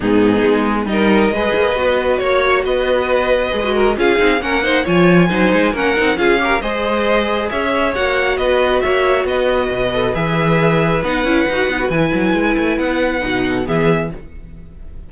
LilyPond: <<
  \new Staff \with { instrumentName = "violin" } { \time 4/4 \tempo 4 = 136 gis'2 dis''2~ | dis''4 cis''4 dis''2~ | dis''4 f''4 fis''4 gis''4~ | gis''4 fis''4 f''4 dis''4~ |
dis''4 e''4 fis''4 dis''4 | e''4 dis''2 e''4~ | e''4 fis''2 gis''4~ | gis''4 fis''2 e''4 | }
  \new Staff \with { instrumentName = "violin" } { \time 4/4 dis'2 ais'4 b'4~ | b'4 cis''4 b'2~ | b'8 ais'8 gis'4 ais'8 c''8 cis''4 | c''4 ais'4 gis'8 ais'8 c''4~ |
c''4 cis''2 b'4 | cis''4 b'2.~ | b'1~ | b'2~ b'8 a'8 gis'4 | }
  \new Staff \with { instrumentName = "viola" } { \time 4/4 b2 dis'4 gis'4 | fis'1 | gis'16 fis'8. f'8 dis'8 cis'8 dis'8 f'4 | dis'4 cis'8 dis'8 f'8 g'8 gis'4~ |
gis'2 fis'2~ | fis'2~ fis'8 a'8 gis'4~ | gis'4 dis'8 e'8 fis'8 dis'16 fis'16 e'4~ | e'2 dis'4 b4 | }
  \new Staff \with { instrumentName = "cello" } { \time 4/4 gis,4 gis4 g4 gis8 ais8 | b4 ais4 b2 | gis4 cis'8 c'8 ais4 f4 | fis8 gis8 ais8 c'8 cis'4 gis4~ |
gis4 cis'4 ais4 b4 | ais4 b4 b,4 e4~ | e4 b8 cis'8 dis'8 b8 e8 fis8 | gis8 a8 b4 b,4 e4 | }
>>